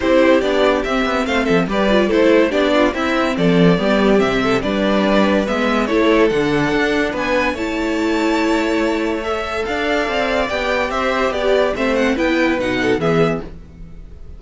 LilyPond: <<
  \new Staff \with { instrumentName = "violin" } { \time 4/4 \tempo 4 = 143 c''4 d''4 e''4 f''8 e''8 | d''4 c''4 d''4 e''4 | d''2 e''4 d''4~ | d''4 e''4 cis''4 fis''4~ |
fis''4 gis''4 a''2~ | a''2 e''4 f''4~ | f''4 g''4 e''4 d''4 | e''8 fis''8 g''4 fis''4 e''4 | }
  \new Staff \with { instrumentName = "violin" } { \time 4/4 g'2. c''8 a'8 | b'4 a'4 g'8 f'8 e'4 | a'4 g'4. a'8 b'4~ | b'2 a'2~ |
a'4 b'4 cis''2~ | cis''2. d''4~ | d''2 c''4 g'4 | c''4 b'4. a'8 gis'4 | }
  \new Staff \with { instrumentName = "viola" } { \time 4/4 e'4 d'4 c'2 | g'8 f'8 e'4 d'4 c'4~ | c'4 b4 c'4 d'4~ | d'4 b4 e'4 d'4~ |
d'2 e'2~ | e'2 a'2~ | a'4 g'2. | c'4 e'4 dis'4 b4 | }
  \new Staff \with { instrumentName = "cello" } { \time 4/4 c'4 b4 c'8 b8 a8 f8 | g4 a4 b4 c'4 | f4 g4 c4 g4~ | g4 gis4 a4 d4 |
d'4 b4 a2~ | a2. d'4 | c'4 b4 c'4 b4 | a4 b4 b,4 e4 | }
>>